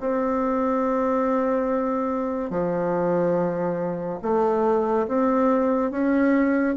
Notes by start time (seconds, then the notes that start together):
0.00 C4
2.50 F3
4.22 A3
5.08 C4
5.91 C#4